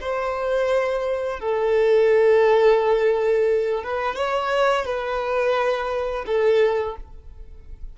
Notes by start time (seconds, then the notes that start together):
0.00 C5
1.40 A4
3.83 B4
4.15 C#5
4.85 B4
6.26 A4